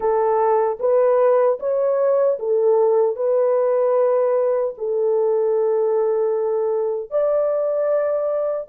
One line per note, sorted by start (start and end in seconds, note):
0.00 0.78 A4
0.79 1.58 B4
1.59 2.38 C#5
2.39 3.16 A4
3.16 4.74 B4
4.77 7.10 A4
7.10 8.68 D5